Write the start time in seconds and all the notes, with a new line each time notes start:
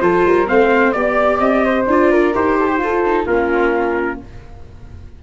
0.00 F3 F4 A4 C5
0.25 G3 A#4
0.46 A3 C4 C5 F5
0.92 B3 G4 D5
1.39 C4 D#5
1.65 C5
1.86 D4 F4 D5
2.11 A#4
2.33 D#4 G4 C5
2.59 A4
2.66 G4
2.78 F4 A4
3.05 D#4
3.26 A#3 C#4 F4 A#4